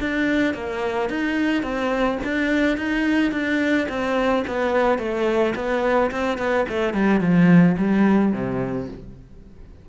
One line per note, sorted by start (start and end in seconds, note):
0.00 0.54 D4
0.54 1.10 A#3
1.10 1.63 D#4
1.63 2.18 C4
2.24 2.77 D4
2.77 3.32 D#4
3.32 3.87 D4
3.89 4.44 C4
4.47 4.99 B3
4.99 5.54 A3
5.55 6.11 B3
6.11 6.38 C4
6.38 6.66 B3
6.69 6.94 A3
6.94 7.20 G3
7.20 7.76 F3
7.78 8.33 G3
8.33 8.88 C3